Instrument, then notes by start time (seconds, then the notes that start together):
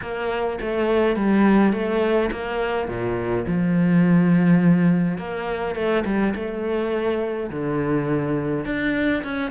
cello
0.01 A#3
0.60 A3
1.16 G3
1.72 A3
2.31 A#3
2.88 A#2
3.47 F3
5.18 A#3
5.75 A3
6.05 G3
6.35 A3
7.50 D3
8.65 D4
9.23 C#4